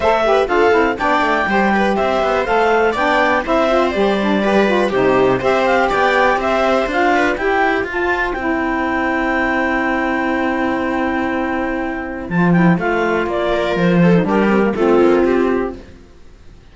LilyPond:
<<
  \new Staff \with { instrumentName = "clarinet" } { \time 4/4 \tempo 4 = 122 e''4 f''4 g''2 | e''4 f''4 g''4 e''4 | d''2 c''4 e''8 f''8 | g''4 e''4 f''4 g''4 |
a''4 g''2.~ | g''1~ | g''4 a''8 g''8 f''4 d''4 | c''4 ais'4 a'4 g'4 | }
  \new Staff \with { instrumentName = "viola" } { \time 4/4 c''8 b'8 a'4 d''4 c''8 b'8 | c''2 d''4 c''4~ | c''4 b'4 g'4 c''4 | d''4 c''4. b'8 c''4~ |
c''1~ | c''1~ | c''2.~ c''8 ais'8~ | ais'8 a'8 g'4 f'2 | }
  \new Staff \with { instrumentName = "saxophone" } { \time 4/4 a'8 g'8 f'8 e'8 d'4 g'4~ | g'4 a'4 d'4 e'8 f'8 | g'8 d'8 g'8 f'8 dis'4 g'4~ | g'2 f'4 g'4 |
f'4 e'2.~ | e'1~ | e'4 f'8 e'8 f'2~ | f'8. dis'16 d'8 c'16 ais16 c'2 | }
  \new Staff \with { instrumentName = "cello" } { \time 4/4 a4 d'8 c'8 b8 a8 g4 | c'8 b8 a4 b4 c'4 | g2 c4 c'4 | b4 c'4 d'4 e'4 |
f'4 c'2.~ | c'1~ | c'4 f4 a4 ais4 | f4 g4 a8 ais8 c'4 | }
>>